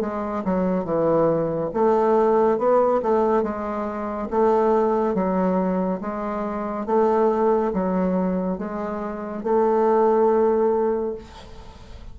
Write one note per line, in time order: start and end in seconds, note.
0.00 0.43 G#3
0.44 0.85 F#3
0.85 1.70 E3
1.73 2.58 A3
2.58 3.01 B3
3.02 3.42 A3
3.42 4.28 G#3
4.30 5.14 A3
5.14 6.00 F#3
6.01 6.86 G#3
6.86 7.72 A3
7.73 8.58 F#3
8.58 9.43 G#3
9.43 11.15 A3